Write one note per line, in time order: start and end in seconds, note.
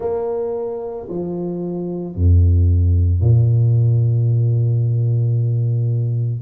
0.00 1.07 A#3
1.08 2.15 F3
2.15 3.20 F2
3.20 6.41 A#2